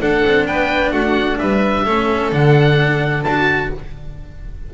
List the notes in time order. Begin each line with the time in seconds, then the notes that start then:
0.00 D4 A4 F#5
0.25 C4
0.47 B3 B4 G5
0.92 A3 F#4 F#5
1.38 G3 B4 E5
1.84 A3 C#4 A4
2.32 D3 D4 F#5
3.24 D4 F#4 A5